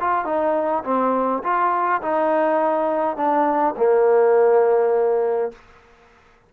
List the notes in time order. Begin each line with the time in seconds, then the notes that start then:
0.00 F4
0.25 D#4
0.84 C4
1.44 F4
2.02 D#4
3.17 D4
3.77 A#3